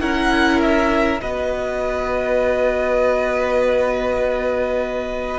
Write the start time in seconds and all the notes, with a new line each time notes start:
0.00 C#4 E4 A#4 F#5
0.62 E5
1.20 B3 F#4 B4 D#5